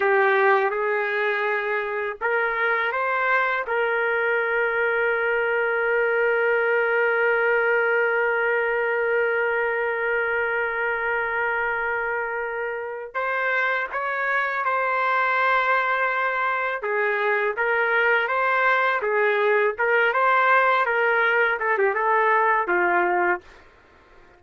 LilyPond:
\new Staff \with { instrumentName = "trumpet" } { \time 4/4 \tempo 4 = 82 g'4 gis'2 ais'4 | c''4 ais'2.~ | ais'1~ | ais'1~ |
ais'2 c''4 cis''4 | c''2. gis'4 | ais'4 c''4 gis'4 ais'8 c''8~ | c''8 ais'4 a'16 g'16 a'4 f'4 | }